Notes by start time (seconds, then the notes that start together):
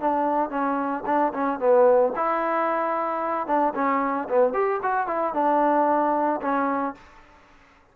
0.00 D4
0.50 C#4
1.06 D4
1.33 C#4
1.59 B3
2.16 E4
3.47 D4
3.75 C#4
4.29 B3
4.53 G4
4.83 F#4
5.07 E4
5.34 D4
6.41 C#4